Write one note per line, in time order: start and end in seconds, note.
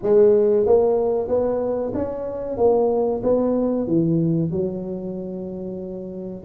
0.02 0.66 G#3
0.66 1.28 A#3
1.28 1.92 B3
1.94 2.57 C#4
2.57 3.21 A#3
3.23 3.87 B3
3.87 4.50 E3
4.50 6.44 F#3